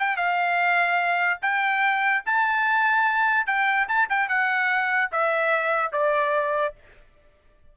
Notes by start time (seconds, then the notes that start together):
0.00 G5
0.17 F5
1.42 G5
2.26 A5
3.47 G5
3.89 A5
4.10 G5
4.29 F#5
5.12 E5
5.93 D5